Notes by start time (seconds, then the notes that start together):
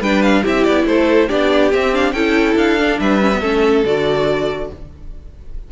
0.00 G3 D4 B4 G5
0.22 F5
0.42 C4 E4 G4 E5
0.64 B3 D5
0.86 A3 A4 C5
1.28 B3 D4 G4 D5
1.72 C4 E5
1.93 D4 F5
2.12 C#4 E4 A4 G5
2.55 D4 F5
2.79 D4
2.99 G3 B4 E5
3.21 C#4
3.33 B3
3.40 A3 C#4 A4
3.84 D3 F#4 D5